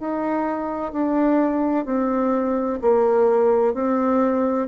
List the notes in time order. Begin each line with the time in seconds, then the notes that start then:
0.00 D#4
0.93 D4
1.86 C4
2.82 A#3
3.74 C4